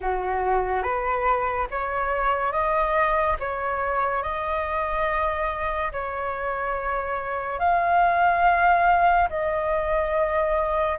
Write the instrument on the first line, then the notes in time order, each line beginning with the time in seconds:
flute
0.00 F#4
0.82 B4
1.71 C#5
2.52 D#5
3.39 C#5
4.23 D#5
5.92 C#5
7.59 F5
9.29 D#5